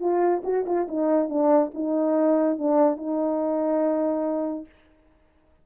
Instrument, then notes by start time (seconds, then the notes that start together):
horn
0.00 F4
0.44 F#4
0.66 F4
0.88 D#4
1.29 D4
1.74 D#4
2.58 D4
2.97 D#4